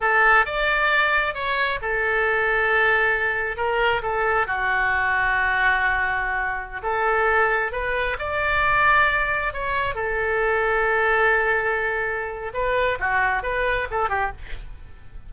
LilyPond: \new Staff \with { instrumentName = "oboe" } { \time 4/4 \tempo 4 = 134 a'4 d''2 cis''4 | a'1 | ais'4 a'4 fis'2~ | fis'2.~ fis'16 a'8.~ |
a'4~ a'16 b'4 d''4.~ d''16~ | d''4~ d''16 cis''4 a'4.~ a'16~ | a'1 | b'4 fis'4 b'4 a'8 g'8 | }